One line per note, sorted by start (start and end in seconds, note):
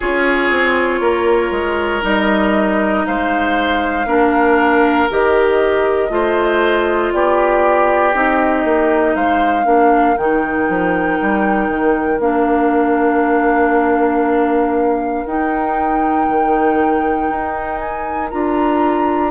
0.00 0.50 C#4
0.00 2.01 F4
0.00 1.00 G#4
0.00 2.04 C#5
0.50 1.00 C4
1.00 1.51 A#3
1.00 3.05 A#4
1.51 2.01 G#3
2.01 3.04 G3
2.01 4.04 D#4
2.01 3.06 D#5
3.06 4.05 G#3
3.06 4.07 C5
3.06 5.09 F5
4.05 5.07 A#3
4.05 5.09 D4
4.05 6.10 A#4
5.09 6.09 D#3
5.09 6.09 G4
5.09 7.13 D#5
6.09 7.11 A3
6.09 8.12 F4
6.09 7.13 C5
7.12 8.14 B3
7.12 9.15 G4
7.12 8.14 D5
8.13 8.64 C4
8.13 9.64 D#4
8.13 9.15 D#5
8.64 9.15 A#3
9.15 9.65 G#3
9.15 9.65 C5
9.15 10.17 F5
9.64 10.16 A#3
9.64 10.15 D4
9.64 19.31 A#4
10.17 10.68 D#3
10.17 12.20 D#4
10.17 12.20 G5
10.68 11.19 F3
11.21 11.68 G3
11.68 12.19 D#3
12.19 15.24 A#3
12.19 15.25 D4
12.19 15.25 F5
15.25 16.27 D#4
15.25 18.31 D#4
15.25 17.78 G5
16.28 17.29 D#3
17.29 18.31 D#4
17.78 18.28 G#5
18.29 19.31 D4
18.29 19.31 F4
18.29 19.31 A#5